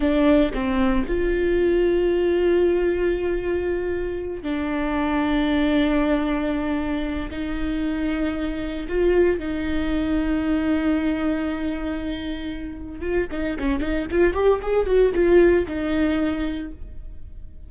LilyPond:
\new Staff \with { instrumentName = "viola" } { \time 4/4 \tempo 4 = 115 d'4 c'4 f'2~ | f'1~ | f'8 d'2.~ d'8~ | d'2 dis'2~ |
dis'4 f'4 dis'2~ | dis'1~ | dis'4 f'8 dis'8 cis'8 dis'8 f'8 g'8 | gis'8 fis'8 f'4 dis'2 | }